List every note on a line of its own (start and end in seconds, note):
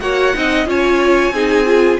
0.00 0.34 A#3
0.00 0.34 F#4
0.00 0.36 C#5
0.00 0.67 F#5
0.34 0.66 C4
0.34 0.66 D#4
0.34 0.69 D#5
0.66 1.31 C#4
0.66 1.33 F4
0.66 1.34 C#5
0.66 2.00 G#5
1.31 1.97 C4
1.31 1.65 D#4
1.31 2.00 G#4
1.65 1.99 F4